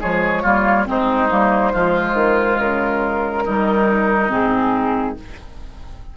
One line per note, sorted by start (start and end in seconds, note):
0.00 0.44 F3
0.00 0.43 G#3
0.00 0.42 G#4
0.00 0.87 C#5
0.42 0.86 G3
0.42 0.86 A#3
0.42 0.85 F4
0.86 1.31 G#3
0.86 1.28 C4
0.86 1.72 D#4
0.86 2.59 C5
1.29 1.74 G3
1.29 1.72 A#3
1.72 2.14 F3
1.72 3.44 G#3
1.72 3.44 F4
2.14 2.57 D#3
2.59 3.45 C#3
2.59 4.30 A#4
3.44 4.30 D#3
3.44 4.29 G3
3.44 5.15 D#4
4.29 5.15 G#2
4.29 5.15 C4
4.29 5.16 G#4